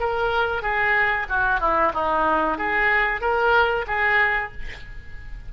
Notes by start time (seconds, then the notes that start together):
0.00 A#4
0.62 G#4
1.29 F#4
1.60 E4
1.94 D#4
2.58 G#4
3.21 A#4
3.87 G#4